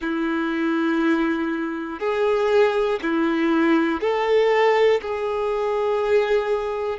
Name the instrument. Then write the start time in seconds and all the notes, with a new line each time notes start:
violin
0.00 E4
1.99 G#4
3.02 E4
4.00 A4
5.01 G#4